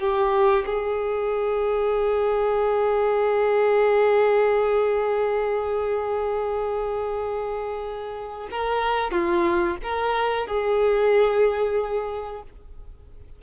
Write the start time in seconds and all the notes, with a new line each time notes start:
0.00 G4
0.66 G#4
8.51 A#4
9.12 F4
9.83 A#4
10.47 G#4